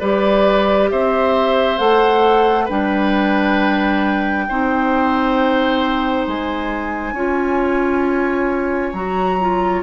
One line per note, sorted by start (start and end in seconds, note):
0.00 0.91 G3
0.00 1.79 G4
0.00 0.90 B4
0.00 0.90 D5
0.90 1.80 C4
0.90 2.65 C5
0.90 1.79 E5
1.79 2.69 A3
1.79 2.68 A4
1.79 2.68 F#5
2.65 4.49 G3
2.65 4.48 D4
2.65 4.44 B4
2.65 6.28 G5
4.49 6.28 C4
4.49 7.16 D#4
4.49 7.15 C5
6.28 7.13 G#3
6.28 8.94 G#5
7.13 8.92 C#4
7.13 8.95 F4
7.13 9.83 C#5
8.93 9.83 F#3
8.93 9.39 F#4
8.93 9.83 A#5
9.40 9.83 F4